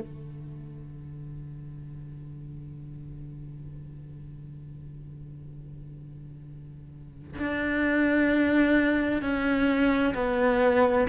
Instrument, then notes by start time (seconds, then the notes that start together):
cello
0.00 D3
7.39 D4
9.22 C#4
10.15 B3